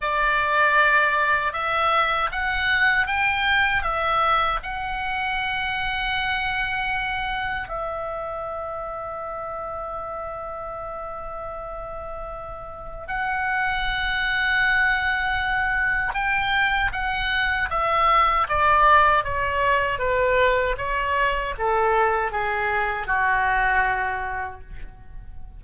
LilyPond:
\new Staff \with { instrumentName = "oboe" } { \time 4/4 \tempo 4 = 78 d''2 e''4 fis''4 | g''4 e''4 fis''2~ | fis''2 e''2~ | e''1~ |
e''4 fis''2.~ | fis''4 g''4 fis''4 e''4 | d''4 cis''4 b'4 cis''4 | a'4 gis'4 fis'2 | }